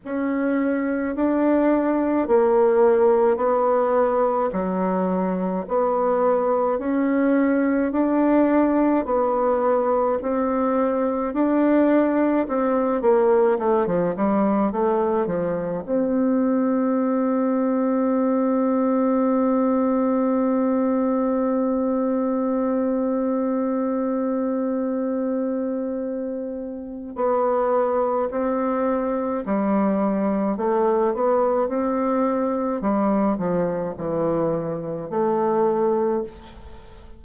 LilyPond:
\new Staff \with { instrumentName = "bassoon" } { \time 4/4 \tempo 4 = 53 cis'4 d'4 ais4 b4 | fis4 b4 cis'4 d'4 | b4 c'4 d'4 c'8 ais8 | a16 f16 g8 a8 f8 c'2~ |
c'1~ | c'1 | b4 c'4 g4 a8 b8 | c'4 g8 f8 e4 a4 | }